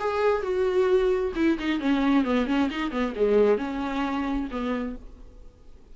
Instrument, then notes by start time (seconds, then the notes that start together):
viola
0.00 G#4
0.42 F#4
1.35 E4
1.59 D#4
1.80 C#4
2.24 B3
2.47 C#4
2.70 D#4
2.91 B3
3.16 G#3
3.58 C#4
4.51 B3